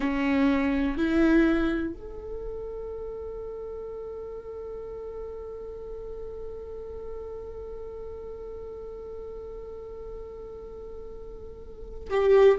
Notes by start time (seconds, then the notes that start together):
0.00 C#4
0.97 E4
1.93 A4
12.10 G4